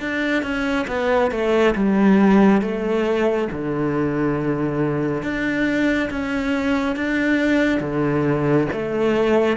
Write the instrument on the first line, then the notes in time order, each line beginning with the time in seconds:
cello
0.00 D4
0.42 C#4
0.88 B3
1.31 A3
1.75 G3
2.61 A3
3.52 D3
5.23 D4
6.10 C#4
6.96 D4
7.80 D3
8.72 A3